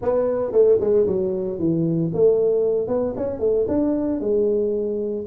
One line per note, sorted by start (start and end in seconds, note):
0.01 0.51 B3
0.51 0.78 A3
0.80 1.06 G#3
1.06 1.58 F#3
1.58 2.11 E3
2.13 2.87 A3
2.87 3.14 B3
3.16 3.39 C#4
3.39 3.66 A3
3.68 4.20 D4
4.20 5.25 G#3